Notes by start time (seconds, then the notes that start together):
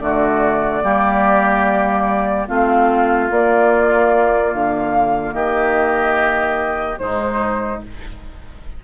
0.00 D3 A3 F#4 D5
0.82 G3 A#3 G4
2.48 A3 C4 F4 F5
3.29 A#3 D5
4.53 D3 F5
5.33 D#3 G4 D#5
6.98 G#2 G#3 D#4 C5